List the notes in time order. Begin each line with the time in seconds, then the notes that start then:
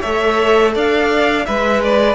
0.00 A3 A4 C#5 E5
0.74 D4 D5 F5
1.45 G#3 B4 E5
1.83 D5